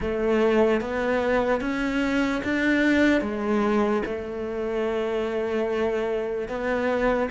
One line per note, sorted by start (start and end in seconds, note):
0.00 0.80 A3
0.80 1.60 B3
1.60 2.41 C#4
2.44 3.21 D4
3.21 4.02 G#3
4.05 6.48 A3
6.48 7.29 B3